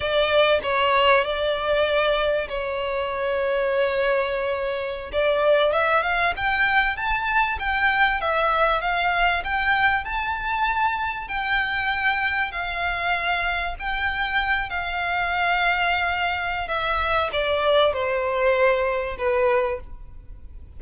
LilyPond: \new Staff \with { instrumentName = "violin" } { \time 4/4 \tempo 4 = 97 d''4 cis''4 d''2 | cis''1~ | cis''16 d''4 e''8 f''8 g''4 a''8.~ | a''16 g''4 e''4 f''4 g''8.~ |
g''16 a''2 g''4.~ g''16~ | g''16 f''2 g''4. f''16~ | f''2. e''4 | d''4 c''2 b'4 | }